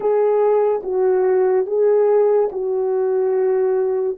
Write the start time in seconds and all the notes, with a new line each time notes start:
0.00 G#4
0.83 F#4
1.66 G#4
2.52 F#4